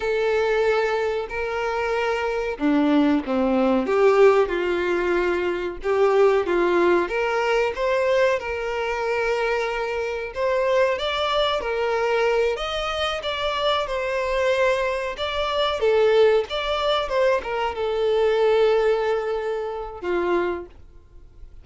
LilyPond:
\new Staff \with { instrumentName = "violin" } { \time 4/4 \tempo 4 = 93 a'2 ais'2 | d'4 c'4 g'4 f'4~ | f'4 g'4 f'4 ais'4 | c''4 ais'2. |
c''4 d''4 ais'4. dis''8~ | dis''8 d''4 c''2 d''8~ | d''8 a'4 d''4 c''8 ais'8 a'8~ | a'2. f'4 | }